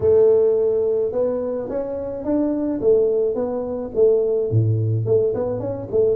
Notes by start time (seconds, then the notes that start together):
0.00 A3
1.12 B3
1.69 C#4
2.24 D4
2.80 A3
3.34 B3
3.95 A3
4.51 A2
5.05 A3
5.34 B3
5.59 C#4
5.91 A3